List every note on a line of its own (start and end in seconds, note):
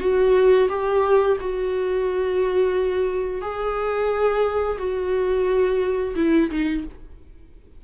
0.00 0.68 F#4
0.69 1.37 G4
1.40 3.41 F#4
3.41 4.78 G#4
4.78 6.15 F#4
6.16 6.50 E4
6.50 6.84 D#4